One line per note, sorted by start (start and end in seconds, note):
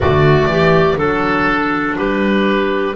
0.00 0.46 D3
0.00 0.96 A3
0.00 0.49 F#4
0.00 0.98 D5
0.46 0.95 E3
0.46 0.97 G4
0.96 1.96 F#3
0.96 2.93 D4
0.96 1.96 A4
0.96 1.97 A4
1.97 2.95 G3
1.97 2.95 G4
1.97 2.95 B4